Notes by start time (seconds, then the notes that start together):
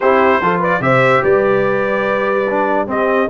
0.00 C4 E4 G4 C5
0.40 F3 F4 A4
0.59 B4 D5
0.79 C3 G4 C5 E5
1.23 G3 B4 D5
2.49 D4
2.87 C4 G4 D#5